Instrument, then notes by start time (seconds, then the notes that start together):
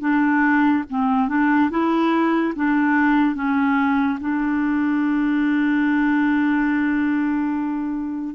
clarinet
0.00 D4
0.90 C4
1.28 D4
1.70 E4
2.55 D4
3.35 C#4
4.20 D4